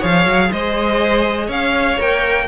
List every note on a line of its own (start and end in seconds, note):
0.00 0.26 F3
0.00 1.97 G#4
0.00 0.49 C#5
0.00 0.52 F5
0.26 0.51 F#3
0.52 1.49 G#3
0.52 1.47 C5
0.52 1.51 D#5
1.47 1.98 C#4
1.47 2.45 C#5
1.47 2.01 F5
1.99 2.48 A#3
1.99 2.48 A#4
1.99 2.48 G5